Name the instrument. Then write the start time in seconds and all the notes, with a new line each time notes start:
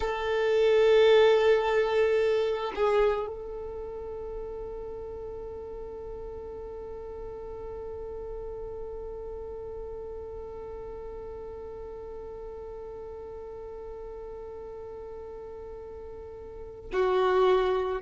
violin
0.00 A4
2.75 G#4
3.27 A4
16.92 F#4